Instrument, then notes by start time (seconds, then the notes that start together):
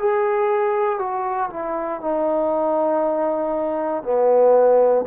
trombone
0.00 G#4
0.99 F#4
1.51 E4
2.01 D#4
4.04 B3